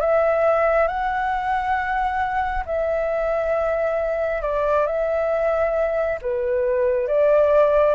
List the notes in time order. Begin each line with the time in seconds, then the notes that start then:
0.00 E5
0.87 F#5
2.66 E5
4.42 D5
4.86 E5
6.22 B4
7.07 D5